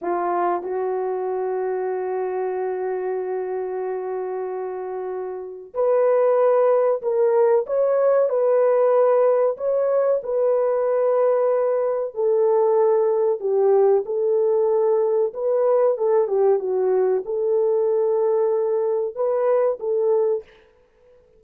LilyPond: \new Staff \with { instrumentName = "horn" } { \time 4/4 \tempo 4 = 94 f'4 fis'2.~ | fis'1~ | fis'4 b'2 ais'4 | cis''4 b'2 cis''4 |
b'2. a'4~ | a'4 g'4 a'2 | b'4 a'8 g'8 fis'4 a'4~ | a'2 b'4 a'4 | }